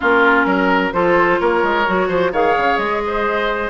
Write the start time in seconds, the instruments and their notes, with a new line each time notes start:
0.00 bassoon A#3, clarinet C#4, oboe F4, flute A#4
0.45 bassoon F#3, oboe A#4
0.92 bassoon F3, clarinet F4, oboe A4, flute C5
1.39 bassoon A#3, oboe A#4, flute C#5
1.63 bassoon G#3
1.86 bassoon F#3, clarinet F#4
2.08 bassoon F3, oboe C5
2.32 bassoon D#3, clarinet G#4, oboe C#5, flute F5
2.56 bassoon C#3
2.77 bassoon G#3, flute D#5
3.06 oboe C5